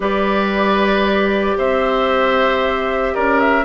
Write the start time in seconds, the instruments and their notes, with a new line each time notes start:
0.00 bassoon G3, clarinet G4, oboe B4, flute D5
1.57 bassoon C4, oboe C5, flute E5
3.14 bassoon C#4, oboe A#4, flute D5
3.39 flute E5